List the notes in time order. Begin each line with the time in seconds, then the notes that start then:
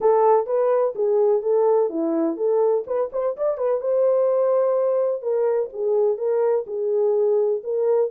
0.00 A4
0.46 B4
0.95 G#4
1.42 A4
1.89 E4
2.36 A4
2.86 B4
3.12 C5
3.36 D5
3.57 B4
3.80 C5
5.21 A#4
5.73 G#4
6.17 A#4
6.66 G#4
7.63 A#4